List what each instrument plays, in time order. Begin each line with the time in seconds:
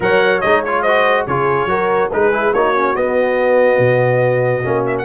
0.00 tuba F#3, trombone A#4, horn C#5, trumpet F#5
0.41 tuba G#3, trombone D#4, trumpet D#5
0.64 trombone F4, trumpet C#5
0.82 trombone F#4, horn C5, trumpet D#5
1.26 tuba C#3, trombone F4, horn G#4, trumpet C#5
1.65 tuba F#3, trombone F#4, horn A#4
2.11 tuba G#3, trombone D#4, horn G#4, trumpet B4
2.32 trombone E4
2.52 tuba A#3, trombone D#4, horn F#4, trumpet C#5
2.75 trombone C#4
2.95 trombone B3, tuba B3, trumpet D#5
3.78 tuba B2
4.63 tuba A#3, trombone C#4
4.86 trumpet E5
4.98 trumpet F#5